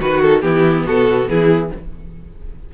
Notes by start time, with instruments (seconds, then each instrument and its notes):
0.00 cello D#3, violin F#4 B4, viola F#4
0.22 violin A4
0.41 cello E3, viola B3, violin E4 G4
0.86 cello B2, violin F#4 A4
1.29 cello E3, violin E4 G#4